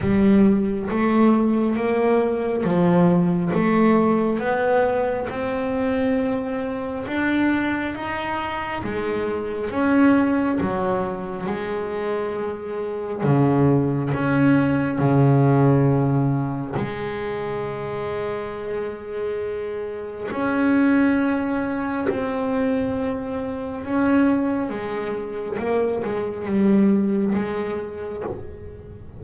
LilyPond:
\new Staff \with { instrumentName = "double bass" } { \time 4/4 \tempo 4 = 68 g4 a4 ais4 f4 | a4 b4 c'2 | d'4 dis'4 gis4 cis'4 | fis4 gis2 cis4 |
cis'4 cis2 gis4~ | gis2. cis'4~ | cis'4 c'2 cis'4 | gis4 ais8 gis8 g4 gis4 | }